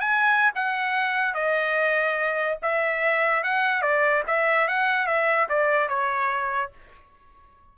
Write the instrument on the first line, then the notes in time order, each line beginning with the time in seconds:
trumpet
0.00 G#5
0.55 F#5
1.34 D#5
2.62 E5
3.43 F#5
3.82 D5
4.27 E5
4.68 F#5
5.06 E5
5.49 D5
5.89 C#5